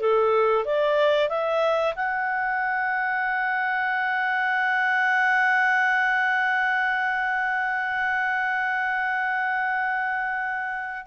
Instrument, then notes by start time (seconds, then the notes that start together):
clarinet
0.00 A4
0.65 D5
1.29 E5
1.95 F#5